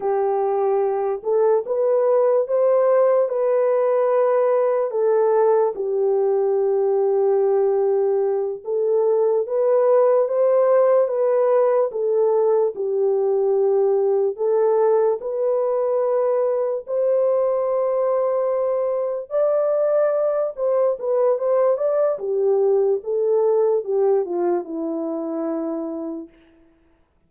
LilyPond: \new Staff \with { instrumentName = "horn" } { \time 4/4 \tempo 4 = 73 g'4. a'8 b'4 c''4 | b'2 a'4 g'4~ | g'2~ g'8 a'4 b'8~ | b'8 c''4 b'4 a'4 g'8~ |
g'4. a'4 b'4.~ | b'8 c''2. d''8~ | d''4 c''8 b'8 c''8 d''8 g'4 | a'4 g'8 f'8 e'2 | }